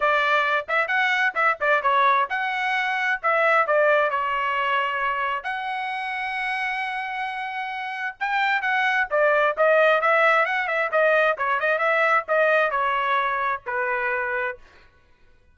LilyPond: \new Staff \with { instrumentName = "trumpet" } { \time 4/4 \tempo 4 = 132 d''4. e''8 fis''4 e''8 d''8 | cis''4 fis''2 e''4 | d''4 cis''2. | fis''1~ |
fis''2 g''4 fis''4 | d''4 dis''4 e''4 fis''8 e''8 | dis''4 cis''8 dis''8 e''4 dis''4 | cis''2 b'2 | }